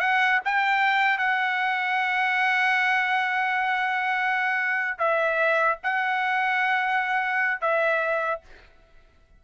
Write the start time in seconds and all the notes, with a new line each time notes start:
0.00 F#5
0.45 G5
1.18 F#5
4.98 E5
5.83 F#5
7.61 E5